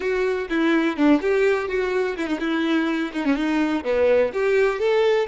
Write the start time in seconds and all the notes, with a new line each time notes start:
0.00 F#4
0.49 E4
0.96 D4
1.21 G4
1.68 F#4
2.16 E4
2.26 D#4
2.39 E4
3.12 D#4
3.24 C#4
3.35 D#4
3.84 B3
4.33 G4
4.79 A4